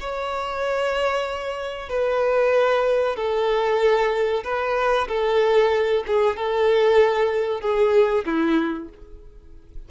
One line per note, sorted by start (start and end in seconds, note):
0.00 1.89 C#5
1.89 3.16 B4
3.16 4.43 A4
4.44 5.07 B4
5.08 6.03 A4
6.07 6.36 G#4
6.36 7.61 A4
7.61 8.25 G#4
8.25 8.89 E4